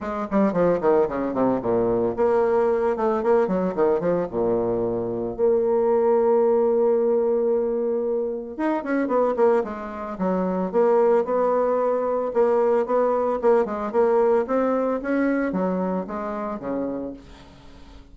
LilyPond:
\new Staff \with { instrumentName = "bassoon" } { \time 4/4 \tempo 4 = 112 gis8 g8 f8 dis8 cis8 c8 ais,4 | ais4. a8 ais8 fis8 dis8 f8 | ais,2 ais2~ | ais1 |
dis'8 cis'8 b8 ais8 gis4 fis4 | ais4 b2 ais4 | b4 ais8 gis8 ais4 c'4 | cis'4 fis4 gis4 cis4 | }